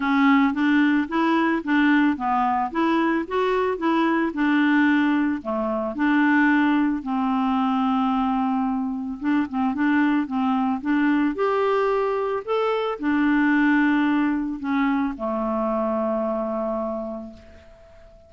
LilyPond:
\new Staff \with { instrumentName = "clarinet" } { \time 4/4 \tempo 4 = 111 cis'4 d'4 e'4 d'4 | b4 e'4 fis'4 e'4 | d'2 a4 d'4~ | d'4 c'2.~ |
c'4 d'8 c'8 d'4 c'4 | d'4 g'2 a'4 | d'2. cis'4 | a1 | }